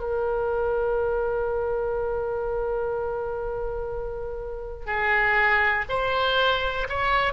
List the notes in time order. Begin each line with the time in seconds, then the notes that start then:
0.00 A#4
4.86 G#4
5.89 C5
6.89 C#5